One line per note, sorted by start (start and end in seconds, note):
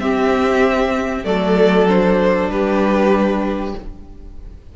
0.00 1.25 C4
0.00 1.24 C4
0.00 1.26 G4
0.00 1.25 E5
1.24 2.49 F#3
1.24 1.87 A3
1.24 2.51 A4
1.24 1.87 D5
1.88 3.76 D4
1.88 2.50 C5
2.49 3.74 G3
2.49 3.76 G4
2.49 3.75 B4